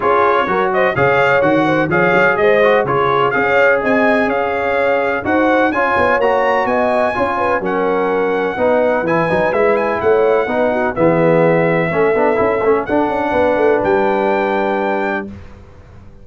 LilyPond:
<<
  \new Staff \with { instrumentName = "trumpet" } { \time 4/4 \tempo 4 = 126 cis''4. dis''8 f''4 fis''4 | f''4 dis''4 cis''4 f''4 | gis''4 f''2 fis''4 | gis''4 ais''4 gis''2 |
fis''2. gis''4 | e''8 gis''8 fis''2 e''4~ | e''2. fis''4~ | fis''4 g''2. | }
  \new Staff \with { instrumentName = "horn" } { \time 4/4 gis'4 ais'8 c''8 cis''4. c''8 | cis''4 c''4 gis'4 cis''4 | dis''4 cis''2 c''4 | cis''2 dis''4 cis''8 b'8 |
ais'2 b'2~ | b'4 cis''4 b'8 fis'8 gis'4~ | gis'4 a'2. | b'1 | }
  \new Staff \with { instrumentName = "trombone" } { \time 4/4 f'4 fis'4 gis'4 fis'4 | gis'4. fis'8 f'4 gis'4~ | gis'2. fis'4 | f'4 fis'2 f'4 |
cis'2 dis'4 e'8 dis'8 | e'2 dis'4 b4~ | b4 cis'8 d'8 e'8 cis'8 d'4~ | d'1 | }
  \new Staff \with { instrumentName = "tuba" } { \time 4/4 cis'4 fis4 cis4 dis4 | f8 fis8 gis4 cis4 cis'4 | c'4 cis'2 dis'4 | cis'8 b8 ais4 b4 cis'4 |
fis2 b4 e8 fis8 | gis4 a4 b4 e4~ | e4 a8 b8 cis'8 a8 d'8 cis'8 | b8 a8 g2. | }
>>